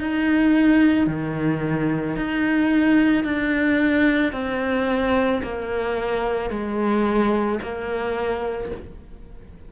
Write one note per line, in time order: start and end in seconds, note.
0.00 1.07 D#4
1.07 2.16 D#3
2.16 3.24 D#4
3.24 4.32 D4
4.32 5.41 C4
5.42 6.50 A#3
6.50 7.59 G#3
7.62 8.71 A#3